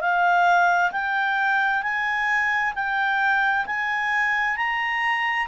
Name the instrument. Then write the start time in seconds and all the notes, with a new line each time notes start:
clarinet
0.00 F5
0.92 G5
1.82 G#5
2.74 G5
3.66 G#5
4.56 A#5